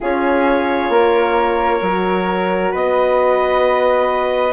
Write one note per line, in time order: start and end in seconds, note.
0.00 0.89 C#4
0.00 1.82 F4
0.00 0.91 G#4
0.00 2.74 C#5
0.89 1.80 A#3
0.89 2.71 A#4
1.81 2.72 F#3
1.81 4.52 F#4
2.71 4.52 B3
2.71 4.52 B4
2.71 4.52 D#5